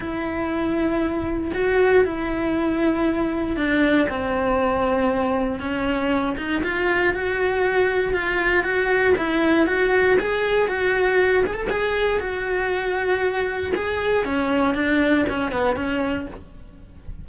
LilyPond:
\new Staff \with { instrumentName = "cello" } { \time 4/4 \tempo 4 = 118 e'2. fis'4 | e'2. d'4 | c'2. cis'4~ | cis'8 dis'8 f'4 fis'2 |
f'4 fis'4 e'4 fis'4 | gis'4 fis'4. gis'16 a'16 gis'4 | fis'2. gis'4 | cis'4 d'4 cis'8 b8 cis'4 | }